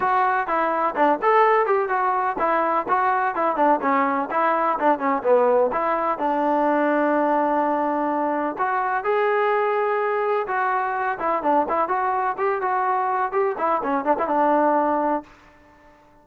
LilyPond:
\new Staff \with { instrumentName = "trombone" } { \time 4/4 \tempo 4 = 126 fis'4 e'4 d'8 a'4 g'8 | fis'4 e'4 fis'4 e'8 d'8 | cis'4 e'4 d'8 cis'8 b4 | e'4 d'2.~ |
d'2 fis'4 gis'4~ | gis'2 fis'4. e'8 | d'8 e'8 fis'4 g'8 fis'4. | g'8 e'8 cis'8 d'16 e'16 d'2 | }